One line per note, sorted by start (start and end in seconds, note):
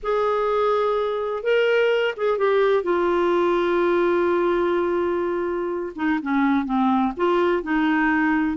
0.02 1.43 G#4
1.43 2.14 A#4
2.16 2.37 G#4
2.37 2.83 G4
2.83 5.92 F4
5.95 6.19 D#4
6.22 6.65 C#4
6.65 7.12 C4
7.17 7.63 F4
7.63 8.57 D#4